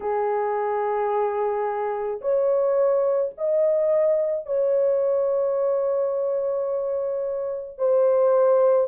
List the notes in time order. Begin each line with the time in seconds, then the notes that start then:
0.00 G#4
2.21 C#5
3.37 D#5
4.45 C#5
7.78 C5